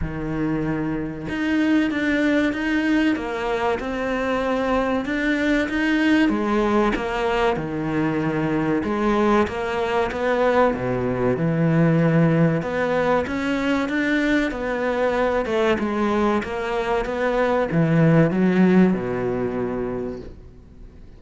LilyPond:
\new Staff \with { instrumentName = "cello" } { \time 4/4 \tempo 4 = 95 dis2 dis'4 d'4 | dis'4 ais4 c'2 | d'4 dis'4 gis4 ais4 | dis2 gis4 ais4 |
b4 b,4 e2 | b4 cis'4 d'4 b4~ | b8 a8 gis4 ais4 b4 | e4 fis4 b,2 | }